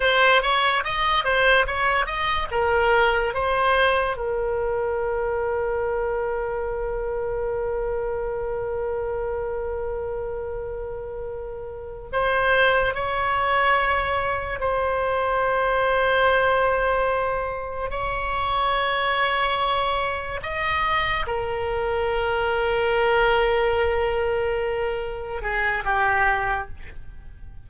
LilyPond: \new Staff \with { instrumentName = "oboe" } { \time 4/4 \tempo 4 = 72 c''8 cis''8 dis''8 c''8 cis''8 dis''8 ais'4 | c''4 ais'2.~ | ais'1~ | ais'2~ ais'8 c''4 cis''8~ |
cis''4. c''2~ c''8~ | c''4. cis''2~ cis''8~ | cis''8 dis''4 ais'2~ ais'8~ | ais'2~ ais'8 gis'8 g'4 | }